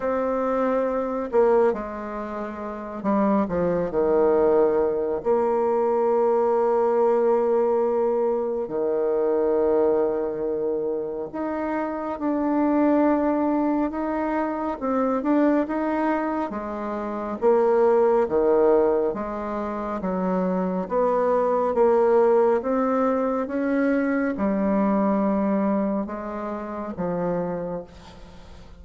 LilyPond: \new Staff \with { instrumentName = "bassoon" } { \time 4/4 \tempo 4 = 69 c'4. ais8 gis4. g8 | f8 dis4. ais2~ | ais2 dis2~ | dis4 dis'4 d'2 |
dis'4 c'8 d'8 dis'4 gis4 | ais4 dis4 gis4 fis4 | b4 ais4 c'4 cis'4 | g2 gis4 f4 | }